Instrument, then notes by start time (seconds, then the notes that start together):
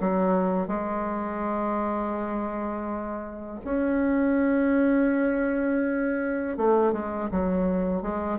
bassoon
0.00 F#3
0.67 G#3
3.64 C#4
6.57 A3
6.92 G#3
7.31 F#3
8.02 G#3